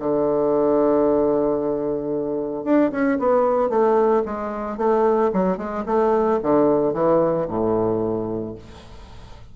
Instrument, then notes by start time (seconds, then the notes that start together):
bassoon
0.00 D3
2.65 D4
2.92 C#4
3.20 B3
3.70 A3
4.26 G#3
4.78 A3
5.34 F#3
5.58 G#3
5.86 A3
6.43 D3
6.94 E3
7.49 A2